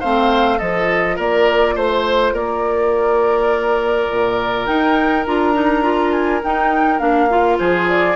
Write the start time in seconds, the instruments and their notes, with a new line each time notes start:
0.00 bassoon A3, clarinet C4, oboe C5, flute F5
0.58 bassoon F3, clarinet F4, oboe A4, flute D#5
1.16 bassoon A#3, oboe A#4, flute D5
1.75 bassoon A3, oboe C5, flute C5
2.32 bassoon A#3, oboe A#4, flute D5
4.10 bassoon A#2
4.66 clarinet D#4, bassoon D#4, flute G5
5.26 bassoon D4, clarinet F4, flute A#5
5.54 clarinet D#4
5.83 clarinet F4
6.12 flute G#5
6.43 bassoon D#4, clarinet D#4, flute G5
6.99 bassoon A#3, clarinet D4, flute F5
7.30 clarinet F4
7.59 bassoon F3, oboe G#4, flute C5
7.89 flute D5